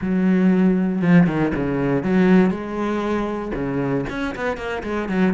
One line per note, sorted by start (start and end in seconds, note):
0.01 1.01 F#3
1.01 1.26 F3
1.27 1.52 D#3
1.55 2.03 C#3
2.03 2.50 F#3
2.50 3.52 G#3
3.54 4.05 C#3
4.09 4.35 C#4
4.35 4.57 B3
4.57 4.82 A#3
4.83 5.08 G#3
5.08 5.33 F#3